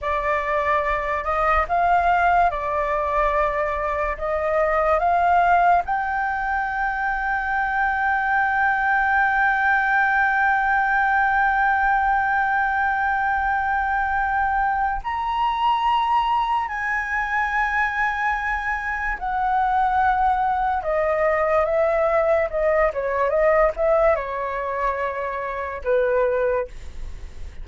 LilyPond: \new Staff \with { instrumentName = "flute" } { \time 4/4 \tempo 4 = 72 d''4. dis''8 f''4 d''4~ | d''4 dis''4 f''4 g''4~ | g''1~ | g''1~ |
g''2 ais''2 | gis''2. fis''4~ | fis''4 dis''4 e''4 dis''8 cis''8 | dis''8 e''8 cis''2 b'4 | }